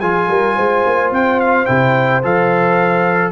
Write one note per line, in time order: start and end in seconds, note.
0.00 0.28 F3
0.00 1.67 F4
0.00 0.28 G#4
0.00 1.11 G#5
0.28 0.56 G3
0.28 0.55 A#4
0.55 0.86 G#3
0.55 3.31 C5
0.86 1.11 A#3
1.11 1.67 C4
1.11 1.40 G5
1.40 1.65 F5
1.65 2.24 C3
1.65 2.22 E4
1.65 2.21 G5
2.23 3.31 F3
2.23 3.31 A4
2.23 3.31 F5